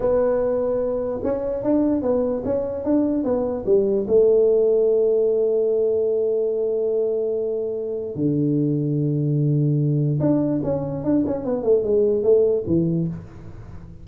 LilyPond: \new Staff \with { instrumentName = "tuba" } { \time 4/4 \tempo 4 = 147 b2. cis'4 | d'4 b4 cis'4 d'4 | b4 g4 a2~ | a1~ |
a1 | d1~ | d4 d'4 cis'4 d'8 cis'8 | b8 a8 gis4 a4 e4 | }